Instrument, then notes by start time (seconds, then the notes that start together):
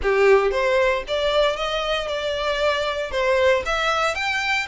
violin
0.02 G4
0.51 C5
1.07 D5
1.56 D#5
2.07 D5
3.11 C5
3.65 E5
4.14 G5